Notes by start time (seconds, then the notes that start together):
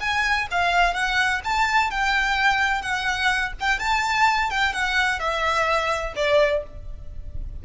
0.00 G#5
0.51 F5
0.93 F#5
1.44 A5
1.90 G5
2.82 F#5
3.60 G5
3.79 A5
4.50 G5
4.73 F#5
5.19 E5
6.15 D5